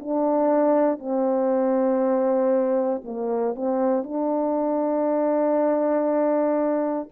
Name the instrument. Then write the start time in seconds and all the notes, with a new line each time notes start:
horn
0.00 D4
0.99 C4
3.05 A#3
3.55 C4
4.04 D4